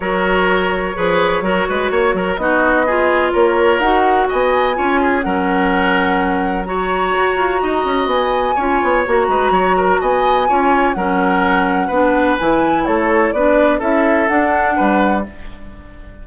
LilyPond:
<<
  \new Staff \with { instrumentName = "flute" } { \time 4/4 \tempo 4 = 126 cis''1~ | cis''4 dis''2 cis''4 | fis''4 gis''2 fis''4~ | fis''2 ais''2~ |
ais''4 gis''2 ais''4~ | ais''4 gis''2 fis''4~ | fis''2 gis''4 cis''4 | d''4 e''4 fis''2 | }
  \new Staff \with { instrumentName = "oboe" } { \time 4/4 ais'2 b'4 ais'8 b'8 | cis''8 ais'8 fis'4 gis'4 ais'4~ | ais'4 dis''4 cis''8 gis'8 ais'4~ | ais'2 cis''2 |
dis''2 cis''4. b'8 | cis''8 ais'8 dis''4 cis''4 ais'4~ | ais'4 b'2 a'4 | b'4 a'2 b'4 | }
  \new Staff \with { instrumentName = "clarinet" } { \time 4/4 fis'2 gis'4 fis'4~ | fis'4 dis'4 f'2 | fis'2 f'4 cis'4~ | cis'2 fis'2~ |
fis'2 f'4 fis'4~ | fis'2 f'4 cis'4~ | cis'4 d'4 e'2 | d'4 e'4 d'2 | }
  \new Staff \with { instrumentName = "bassoon" } { \time 4/4 fis2 f4 fis8 gis8 | ais8 fis8 b2 ais4 | dis'4 b4 cis'4 fis4~ | fis2. fis'8 f'8 |
dis'8 cis'8 b4 cis'8 b8 ais8 gis8 | fis4 b4 cis'4 fis4~ | fis4 b4 e4 a4 | b4 cis'4 d'4 g4 | }
>>